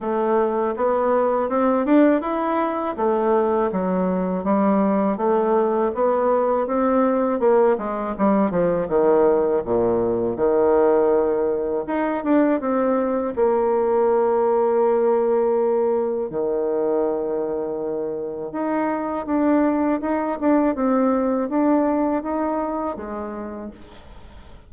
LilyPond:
\new Staff \with { instrumentName = "bassoon" } { \time 4/4 \tempo 4 = 81 a4 b4 c'8 d'8 e'4 | a4 fis4 g4 a4 | b4 c'4 ais8 gis8 g8 f8 | dis4 ais,4 dis2 |
dis'8 d'8 c'4 ais2~ | ais2 dis2~ | dis4 dis'4 d'4 dis'8 d'8 | c'4 d'4 dis'4 gis4 | }